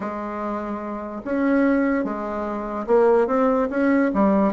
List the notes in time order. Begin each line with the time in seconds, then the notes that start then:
0.00 G#3
1.24 C#4
2.04 G#3
2.86 A#3
3.27 C4
3.69 C#4
4.14 G3